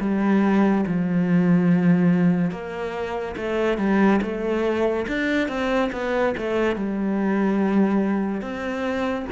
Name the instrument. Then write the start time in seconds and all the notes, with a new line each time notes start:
cello
0.00 G3
0.87 F3
2.51 A#3
3.37 A3
3.78 G3
4.22 A3
5.08 D4
5.48 C4
5.92 B3
6.37 A3
6.76 G3
8.41 C4